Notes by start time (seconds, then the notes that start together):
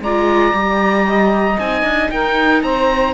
0.00 G#3 F4 D5 A#5
0.52 G3 G4
1.07 D#5
1.58 C4 D#4 G#5
1.82 D4
2.10 D#4 A#4 G5
2.62 C4 C5 A#5